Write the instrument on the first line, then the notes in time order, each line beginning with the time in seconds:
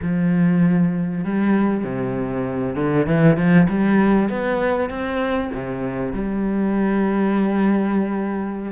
cello
0.01 F3
1.24 G3
1.84 C3
2.76 D3
3.06 E3
3.36 F3
3.68 G3
4.29 B3
4.89 C4
5.53 C3
6.13 G3